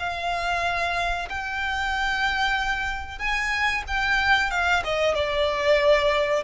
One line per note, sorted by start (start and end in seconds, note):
0.00 1.29 F5
1.30 3.19 G5
3.19 3.84 G#5
3.88 4.51 G5
4.51 4.83 F5
4.84 5.15 D#5
5.15 6.44 D5